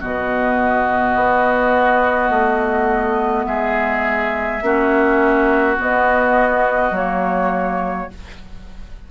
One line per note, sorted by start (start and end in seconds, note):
0.00 1.16 B2
0.00 4.62 B3
0.00 3.46 F#4
0.00 3.45 D#5
1.16 2.30 B3
2.30 3.45 A3
3.45 4.62 G#3
3.45 4.64 G#4
3.45 5.76 E5
4.62 5.78 A#3
4.62 5.77 C#4
4.62 8.11 F#4
5.77 6.92 B3
5.77 6.91 B3
5.77 6.96 D#5
6.91 8.07 F#3
6.91 8.10 A#3
6.91 8.11 C#5